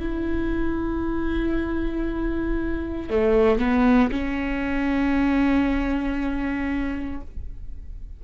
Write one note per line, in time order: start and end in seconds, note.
0.00 3.10 E4
3.10 3.59 A3
3.59 4.11 B3
4.11 7.21 C#4